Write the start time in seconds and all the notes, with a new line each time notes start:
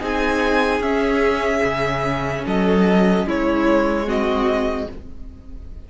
0.00 C4 D#4 G#4 G#5
0.80 C#4 E5
1.64 C#3
2.46 F#3 A4 D#5
3.25 G#3 E4 C#5
4.05 C4 F#4 D#5